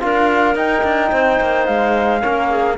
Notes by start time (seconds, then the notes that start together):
0.00 D4 F4 A#4 F5
0.55 D#4 G5
0.84 D4
1.11 C4 C5
1.41 A#3
1.66 G#3 F5
2.21 A#3 C#4 A#4
2.50 G#4